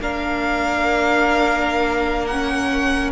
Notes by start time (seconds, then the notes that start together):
0.00 A#3 D4 A#4 F5
2.27 C#4 F#5